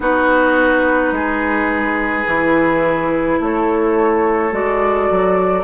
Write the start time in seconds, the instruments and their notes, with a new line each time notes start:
0.00 bassoon B3, clarinet D#4, oboe F#4, flute B4
1.11 bassoon G#3, oboe G#4
2.25 bassoon E3, clarinet E4
3.40 bassoon A3, oboe A4, flute C#5
4.51 bassoon G#3, clarinet F#4, flute D5
5.10 bassoon F#3